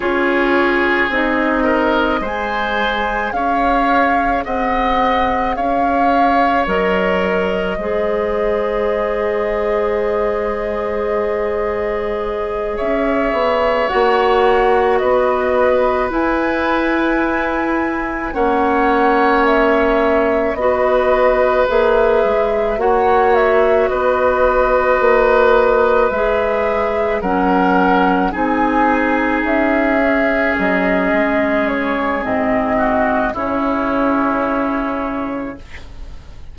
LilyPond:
<<
  \new Staff \with { instrumentName = "flute" } { \time 4/4 \tempo 4 = 54 cis''4 dis''4 gis''4 f''4 | fis''4 f''4 dis''2~ | dis''2.~ dis''8 e''8~ | e''8 fis''4 dis''4 gis''4.~ |
gis''8 fis''4 e''4 dis''4 e''8~ | e''8 fis''8 e''8 dis''2 e''8~ | e''8 fis''4 gis''4 e''4 dis''8~ | dis''8 cis''8 dis''4 cis''2 | }
  \new Staff \with { instrumentName = "oboe" } { \time 4/4 gis'4. ais'8 c''4 cis''4 | dis''4 cis''2 c''4~ | c''2.~ c''8 cis''8~ | cis''4. b'2~ b'8~ |
b'8 cis''2 b'4.~ | b'8 cis''4 b'2~ b'8~ | b'8 ais'4 gis'2~ gis'8~ | gis'4. fis'8 e'2 | }
  \new Staff \with { instrumentName = "clarinet" } { \time 4/4 f'4 dis'4 gis'2~ | gis'2 ais'4 gis'4~ | gis'1~ | gis'8 fis'2 e'4.~ |
e'8 cis'2 fis'4 gis'8~ | gis'8 fis'2. gis'8~ | gis'8 cis'4 dis'4. cis'4~ | cis'4 c'4 cis'2 | }
  \new Staff \with { instrumentName = "bassoon" } { \time 4/4 cis'4 c'4 gis4 cis'4 | c'4 cis'4 fis4 gis4~ | gis2.~ gis8 cis'8 | b8 ais4 b4 e'4.~ |
e'8 ais2 b4 ais8 | gis8 ais4 b4 ais4 gis8~ | gis8 fis4 c'4 cis'4 fis8 | gis4 gis,4 cis2 | }
>>